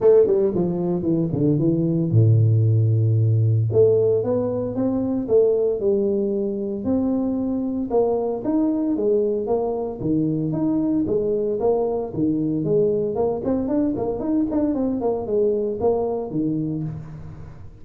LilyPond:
\new Staff \with { instrumentName = "tuba" } { \time 4/4 \tempo 4 = 114 a8 g8 f4 e8 d8 e4 | a,2. a4 | b4 c'4 a4 g4~ | g4 c'2 ais4 |
dis'4 gis4 ais4 dis4 | dis'4 gis4 ais4 dis4 | gis4 ais8 c'8 d'8 ais8 dis'8 d'8 | c'8 ais8 gis4 ais4 dis4 | }